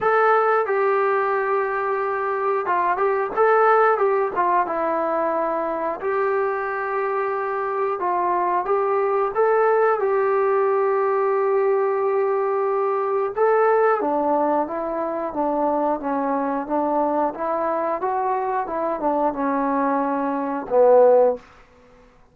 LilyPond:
\new Staff \with { instrumentName = "trombone" } { \time 4/4 \tempo 4 = 90 a'4 g'2. | f'8 g'8 a'4 g'8 f'8 e'4~ | e'4 g'2. | f'4 g'4 a'4 g'4~ |
g'1 | a'4 d'4 e'4 d'4 | cis'4 d'4 e'4 fis'4 | e'8 d'8 cis'2 b4 | }